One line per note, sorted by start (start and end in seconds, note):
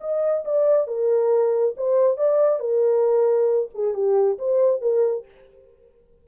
0.00 0.44 D#5
0.45 0.87 D5
0.87 1.75 A#4
1.77 2.17 C5
2.17 2.59 D5
2.59 3.69 A#4
3.74 3.94 G#4
3.94 4.38 G4
4.38 4.81 C5
4.81 5.25 A#4